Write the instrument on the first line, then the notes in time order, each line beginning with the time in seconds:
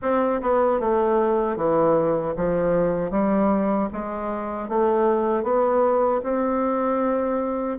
bassoon
0.02 C4
0.41 B3
0.80 A3
1.56 E3
2.36 F3
3.10 G3
3.92 G#3
4.69 A3
5.43 B3
6.23 C4